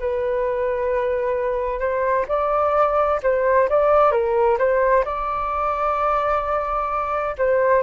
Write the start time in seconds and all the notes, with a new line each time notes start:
0.00 B4
1.80 C5
2.29 D5
3.23 C5
3.70 D5
4.12 A#4
4.59 C5
5.05 D5
7.38 C5